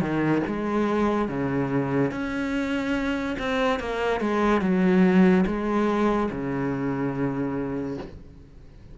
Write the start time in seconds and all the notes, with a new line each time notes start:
0.00 D#3
0.46 G#3
1.28 C#3
2.11 C#4
3.38 C4
3.79 A#3
4.20 G#3
4.61 F#3
5.46 G#3
6.31 C#3